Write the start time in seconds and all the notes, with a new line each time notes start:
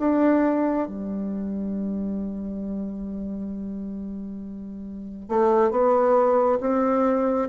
0.00 D4
0.88 G3
5.29 A3
5.71 B3
6.61 C4